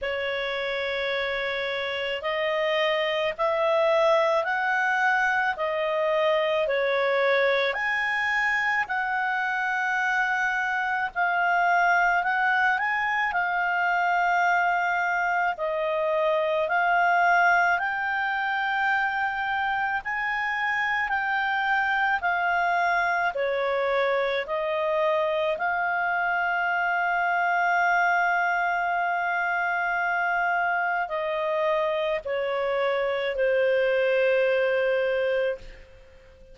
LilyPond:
\new Staff \with { instrumentName = "clarinet" } { \time 4/4 \tempo 4 = 54 cis''2 dis''4 e''4 | fis''4 dis''4 cis''4 gis''4 | fis''2 f''4 fis''8 gis''8 | f''2 dis''4 f''4 |
g''2 gis''4 g''4 | f''4 cis''4 dis''4 f''4~ | f''1 | dis''4 cis''4 c''2 | }